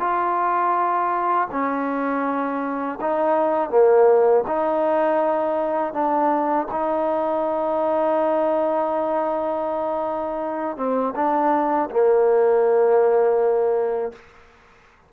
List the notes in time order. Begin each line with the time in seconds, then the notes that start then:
0.00 F4
1.52 C#4
3.01 D#4
3.70 A#3
4.47 D#4
5.94 D4
6.71 D#4
10.77 C4
11.16 D4
11.91 A#3